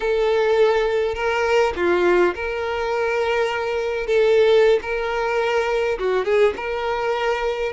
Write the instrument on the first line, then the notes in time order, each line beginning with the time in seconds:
violin
0.00 A4
1.15 A#4
1.76 F4
2.34 A#4
4.06 A4
4.82 A#4
5.98 F#4
6.25 G#4
6.56 A#4